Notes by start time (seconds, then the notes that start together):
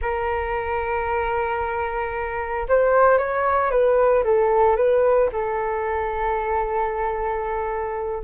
0.01 A#4
2.68 C5
3.18 C#5
3.70 B4
4.24 A4
4.76 B4
5.32 A4